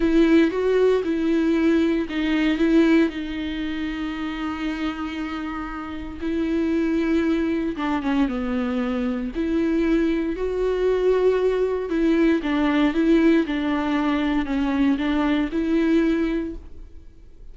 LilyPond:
\new Staff \with { instrumentName = "viola" } { \time 4/4 \tempo 4 = 116 e'4 fis'4 e'2 | dis'4 e'4 dis'2~ | dis'1 | e'2. d'8 cis'8 |
b2 e'2 | fis'2. e'4 | d'4 e'4 d'2 | cis'4 d'4 e'2 | }